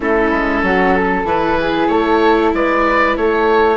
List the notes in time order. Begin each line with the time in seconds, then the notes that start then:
0.00 A3 C#4 E4 A4
0.31 G#3
0.62 F#3 F#4
0.95 A4
1.23 E3 E4 B4
1.60 G#4
1.87 A3 A4 C#5
2.53 G#3 B4 D5
3.16 A3 A4 C#5